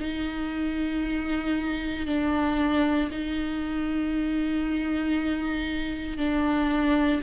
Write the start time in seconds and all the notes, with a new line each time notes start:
0.00 D#4
2.06 D4
3.11 D#4
6.18 D4